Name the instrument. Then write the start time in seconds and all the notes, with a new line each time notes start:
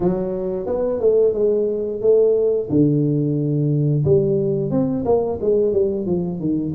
tuba
0.00 F#3
0.66 B3
1.00 A3
1.33 G#3
2.01 A3
2.69 D3
4.04 G3
4.70 C4
5.05 A#3
5.41 G#3
5.72 G3
6.06 F3
6.39 D#3